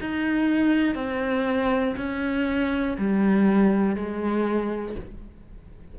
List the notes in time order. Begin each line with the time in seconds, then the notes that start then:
0.00 D#4
0.95 C4
1.97 C#4
2.98 G3
3.95 G#3